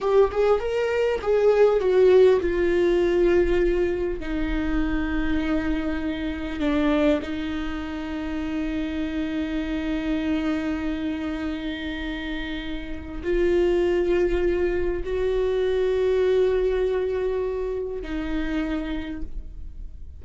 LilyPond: \new Staff \with { instrumentName = "viola" } { \time 4/4 \tempo 4 = 100 g'8 gis'8 ais'4 gis'4 fis'4 | f'2. dis'4~ | dis'2. d'4 | dis'1~ |
dis'1~ | dis'2 f'2~ | f'4 fis'2.~ | fis'2 dis'2 | }